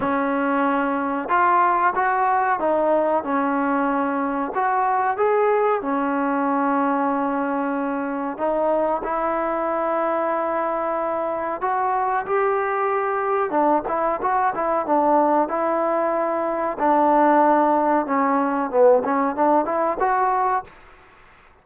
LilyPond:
\new Staff \with { instrumentName = "trombone" } { \time 4/4 \tempo 4 = 93 cis'2 f'4 fis'4 | dis'4 cis'2 fis'4 | gis'4 cis'2.~ | cis'4 dis'4 e'2~ |
e'2 fis'4 g'4~ | g'4 d'8 e'8 fis'8 e'8 d'4 | e'2 d'2 | cis'4 b8 cis'8 d'8 e'8 fis'4 | }